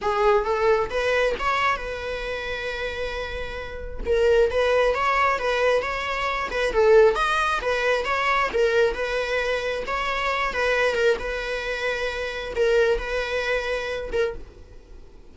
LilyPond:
\new Staff \with { instrumentName = "viola" } { \time 4/4 \tempo 4 = 134 gis'4 a'4 b'4 cis''4 | b'1~ | b'4 ais'4 b'4 cis''4 | b'4 cis''4. b'8 a'4 |
dis''4 b'4 cis''4 ais'4 | b'2 cis''4. b'8~ | b'8 ais'8 b'2. | ais'4 b'2~ b'8 ais'8 | }